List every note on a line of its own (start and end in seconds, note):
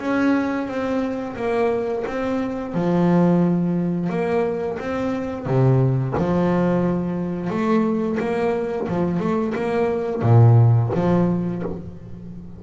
0.00 0.68 C#4
0.68 1.36 C4
1.36 2.05 A#3
2.08 2.75 C4
2.75 4.10 F3
4.10 4.79 A#3
4.80 5.46 C4
5.46 6.15 C3
6.18 7.50 F3
7.50 8.18 A3
8.20 8.88 A#3
8.89 9.20 F3
9.20 9.54 A3
9.55 10.22 A#3
10.22 10.91 A#2
10.95 11.63 F3